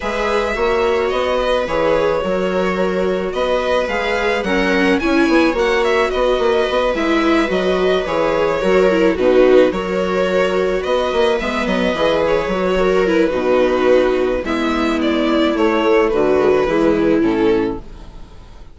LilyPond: <<
  \new Staff \with { instrumentName = "violin" } { \time 4/4 \tempo 4 = 108 e''2 dis''4 cis''4~ | cis''2 dis''4 f''4 | fis''4 gis''4 fis''8 e''8 dis''4~ | dis''8 e''4 dis''4 cis''4.~ |
cis''8 b'4 cis''2 dis''8~ | dis''8 e''8 dis''4 cis''4. b'8~ | b'2 e''4 d''4 | cis''4 b'2 a'4 | }
  \new Staff \with { instrumentName = "viola" } { \time 4/4 b'4 cis''4. b'4. | ais'2 b'2 | ais'4 cis''2 b'4~ | b'2.~ b'8 ais'8~ |
ais'8 fis'4 ais'2 b'8~ | b'2. ais'4 | fis'2 e'2~ | e'4 fis'4 e'2 | }
  \new Staff \with { instrumentName = "viola" } { \time 4/4 gis'4 fis'2 gis'4 | fis'2. gis'4 | cis'4 e'4 fis'2~ | fis'8 e'4 fis'4 gis'4 fis'8 |
e'8 dis'4 fis'2~ fis'8~ | fis'8 b4 gis'4 fis'4 e'8 | dis'2 b2 | a4. gis16 fis16 gis4 cis'4 | }
  \new Staff \with { instrumentName = "bassoon" } { \time 4/4 gis4 ais4 b4 e4 | fis2 b4 gis4 | fis4 cis'8 b8 ais4 b8 ais8 | b8 gis4 fis4 e4 fis8~ |
fis8 b,4 fis2 b8 | ais8 gis8 fis8 e4 fis4. | b,2 gis2 | a4 d4 e4 a,4 | }
>>